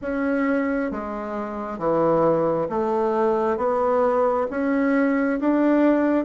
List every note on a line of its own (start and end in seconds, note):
0.01 0.91 C#4
0.91 1.78 G#3
1.78 2.68 E3
2.69 3.57 A3
3.57 4.47 B3
4.50 5.39 C#4
5.40 6.24 D4